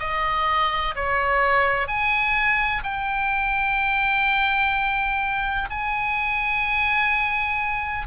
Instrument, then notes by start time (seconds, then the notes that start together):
oboe
0.00 D#5
0.96 C#5
1.88 G#5
2.84 G5
5.70 G#5